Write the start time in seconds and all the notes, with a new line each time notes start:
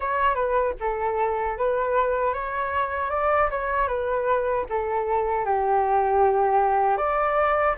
0.00 C#5
0.34 B4
0.80 A4
1.57 B4
2.33 C#5
3.10 D5
3.50 C#5
3.87 B4
4.69 A4
5.45 G4
6.97 D5